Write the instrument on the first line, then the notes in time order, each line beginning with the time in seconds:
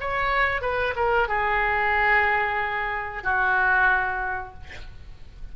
oboe
0.00 C#5
0.61 B4
0.96 A#4
1.28 G#4
3.23 F#4